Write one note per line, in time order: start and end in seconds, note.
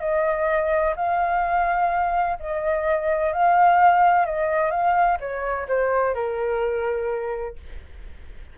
0.00 0.94 D#5
0.96 2.38 F5
2.39 3.33 D#5
3.33 4.25 F5
4.25 4.71 D#5
4.71 5.18 F5
5.20 5.67 C#5
5.68 6.14 C5
6.14 7.56 A#4